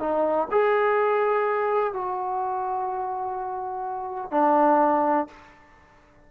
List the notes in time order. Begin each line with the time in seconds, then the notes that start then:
0.00 D#4
0.51 G#4
1.94 F#4
4.32 D4